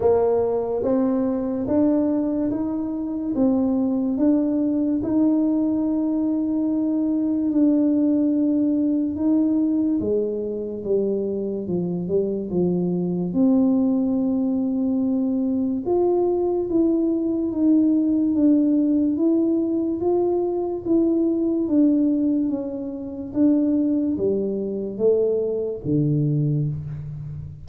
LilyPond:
\new Staff \with { instrumentName = "tuba" } { \time 4/4 \tempo 4 = 72 ais4 c'4 d'4 dis'4 | c'4 d'4 dis'2~ | dis'4 d'2 dis'4 | gis4 g4 f8 g8 f4 |
c'2. f'4 | e'4 dis'4 d'4 e'4 | f'4 e'4 d'4 cis'4 | d'4 g4 a4 d4 | }